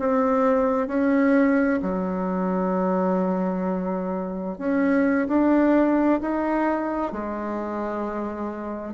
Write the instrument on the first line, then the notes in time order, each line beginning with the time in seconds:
bassoon
0.00 C4
0.88 C#4
1.83 F#3
4.59 C#4
5.28 D4
6.21 D#4
7.12 G#3